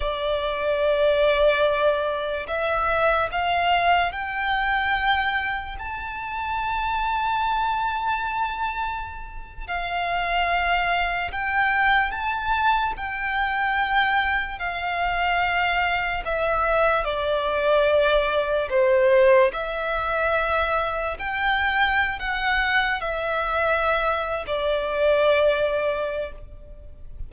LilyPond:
\new Staff \with { instrumentName = "violin" } { \time 4/4 \tempo 4 = 73 d''2. e''4 | f''4 g''2 a''4~ | a''2.~ a''8. f''16~ | f''4.~ f''16 g''4 a''4 g''16~ |
g''4.~ g''16 f''2 e''16~ | e''8. d''2 c''4 e''16~ | e''4.~ e''16 g''4~ g''16 fis''4 | e''4.~ e''16 d''2~ d''16 | }